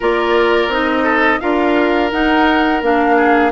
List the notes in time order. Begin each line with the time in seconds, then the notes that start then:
0.00 A#3 F4 A#4 D5
0.67 C4 D#4 D#5
1.03 A4
1.39 D4 F4 A#4 F5
2.11 D#4 F#5
2.82 A#3 D4 F5
3.16 G#4